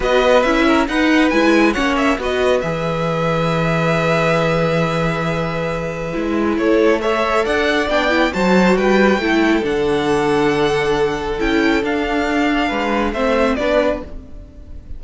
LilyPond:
<<
  \new Staff \with { instrumentName = "violin" } { \time 4/4 \tempo 4 = 137 dis''4 e''4 fis''4 gis''4 | fis''8 e''8 dis''4 e''2~ | e''1~ | e''2. cis''4 |
e''4 fis''4 g''4 a''4 | g''2 fis''2~ | fis''2 g''4 f''4~ | f''2 e''4 d''4 | }
  \new Staff \with { instrumentName = "violin" } { \time 4/4 b'4. ais'8 b'2 | cis''4 b'2.~ | b'1~ | b'2. a'4 |
cis''4 d''2 c''4 | b'4 a'2.~ | a'1~ | a'4 b'4 c''4 b'4 | }
  \new Staff \with { instrumentName = "viola" } { \time 4/4 fis'4 e'4 dis'4 e'4 | cis'4 fis'4 gis'2~ | gis'1~ | gis'2 e'2 |
a'2 d'8 e'8 fis'4~ | fis'4 e'4 d'2~ | d'2 e'4 d'4~ | d'2 c'4 d'4 | }
  \new Staff \with { instrumentName = "cello" } { \time 4/4 b4 cis'4 dis'4 gis4 | ais4 b4 e2~ | e1~ | e2 gis4 a4~ |
a4 d'4 b4 fis4 | g4 a4 d2~ | d2 cis'4 d'4~ | d'4 gis4 a4 b4 | }
>>